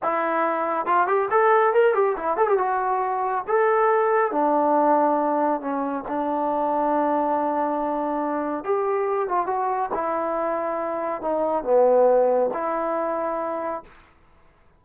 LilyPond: \new Staff \with { instrumentName = "trombone" } { \time 4/4 \tempo 4 = 139 e'2 f'8 g'8 a'4 | ais'8 g'8 e'8 a'16 g'16 fis'2 | a'2 d'2~ | d'4 cis'4 d'2~ |
d'1 | g'4. f'8 fis'4 e'4~ | e'2 dis'4 b4~ | b4 e'2. | }